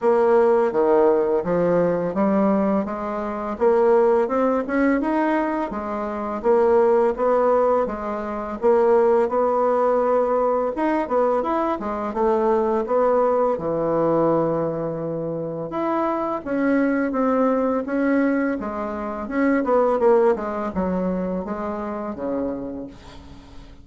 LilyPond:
\new Staff \with { instrumentName = "bassoon" } { \time 4/4 \tempo 4 = 84 ais4 dis4 f4 g4 | gis4 ais4 c'8 cis'8 dis'4 | gis4 ais4 b4 gis4 | ais4 b2 dis'8 b8 |
e'8 gis8 a4 b4 e4~ | e2 e'4 cis'4 | c'4 cis'4 gis4 cis'8 b8 | ais8 gis8 fis4 gis4 cis4 | }